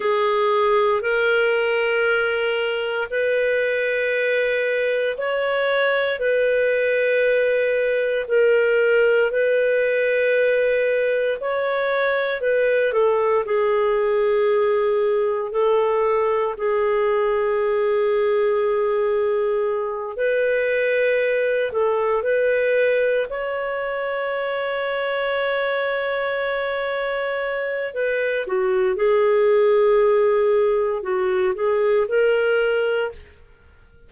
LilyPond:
\new Staff \with { instrumentName = "clarinet" } { \time 4/4 \tempo 4 = 58 gis'4 ais'2 b'4~ | b'4 cis''4 b'2 | ais'4 b'2 cis''4 | b'8 a'8 gis'2 a'4 |
gis'2.~ gis'8 b'8~ | b'4 a'8 b'4 cis''4.~ | cis''2. b'8 fis'8 | gis'2 fis'8 gis'8 ais'4 | }